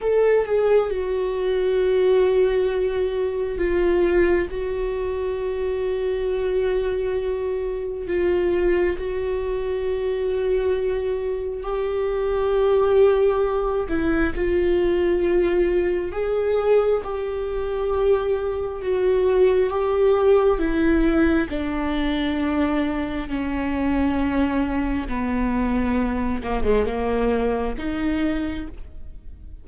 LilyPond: \new Staff \with { instrumentName = "viola" } { \time 4/4 \tempo 4 = 67 a'8 gis'8 fis'2. | f'4 fis'2.~ | fis'4 f'4 fis'2~ | fis'4 g'2~ g'8 e'8 |
f'2 gis'4 g'4~ | g'4 fis'4 g'4 e'4 | d'2 cis'2 | b4. ais16 gis16 ais4 dis'4 | }